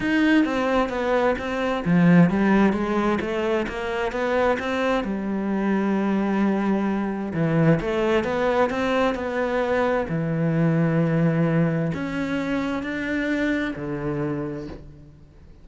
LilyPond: \new Staff \with { instrumentName = "cello" } { \time 4/4 \tempo 4 = 131 dis'4 c'4 b4 c'4 | f4 g4 gis4 a4 | ais4 b4 c'4 g4~ | g1 |
e4 a4 b4 c'4 | b2 e2~ | e2 cis'2 | d'2 d2 | }